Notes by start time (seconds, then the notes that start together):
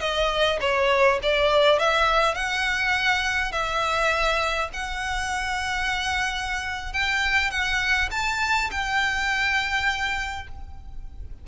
0.00 D#5
0.60 C#5
1.22 D5
1.79 E5
2.34 F#5
3.51 E5
4.73 F#5
6.93 G5
7.50 F#5
8.11 A5
8.71 G5